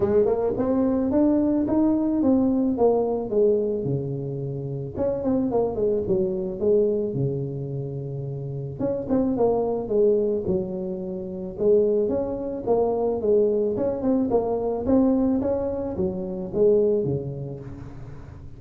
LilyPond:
\new Staff \with { instrumentName = "tuba" } { \time 4/4 \tempo 4 = 109 gis8 ais8 c'4 d'4 dis'4 | c'4 ais4 gis4 cis4~ | cis4 cis'8 c'8 ais8 gis8 fis4 | gis4 cis2. |
cis'8 c'8 ais4 gis4 fis4~ | fis4 gis4 cis'4 ais4 | gis4 cis'8 c'8 ais4 c'4 | cis'4 fis4 gis4 cis4 | }